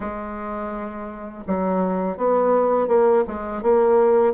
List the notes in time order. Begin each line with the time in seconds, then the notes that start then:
0.00 G#3
1.47 F#3
2.17 B3
2.87 A#3
3.27 G#3
3.62 A#3